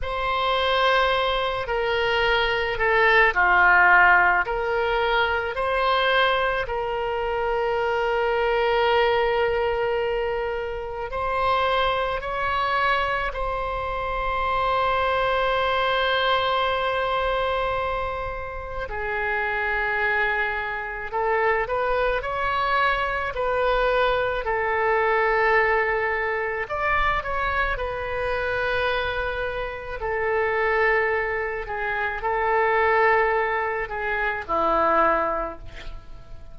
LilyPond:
\new Staff \with { instrumentName = "oboe" } { \time 4/4 \tempo 4 = 54 c''4. ais'4 a'8 f'4 | ais'4 c''4 ais'2~ | ais'2 c''4 cis''4 | c''1~ |
c''4 gis'2 a'8 b'8 | cis''4 b'4 a'2 | d''8 cis''8 b'2 a'4~ | a'8 gis'8 a'4. gis'8 e'4 | }